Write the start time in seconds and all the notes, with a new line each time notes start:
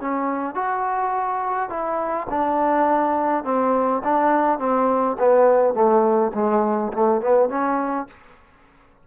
0.00 C#4
0.54 F#4
1.69 E4
2.29 D4
3.44 C4
4.04 D4
4.58 C4
5.18 B3
5.74 A3
6.34 G#3
6.92 A3
7.21 B3
7.49 C#4